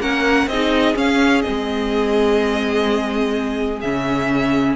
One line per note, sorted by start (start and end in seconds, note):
0.00 0.47 A#3
0.00 0.49 C#4
0.00 0.49 A#4
0.00 0.48 F#5
0.47 0.95 C4
0.47 0.95 D#4
0.47 4.76 G#4
0.47 0.96 D#5
0.95 1.43 C#4
0.95 1.44 C#4
0.95 1.42 F5
1.42 3.83 C4
1.42 3.80 D#5
1.49 3.84 G#3
3.81 4.76 C#3
3.81 4.76 C#4
3.81 4.76 E5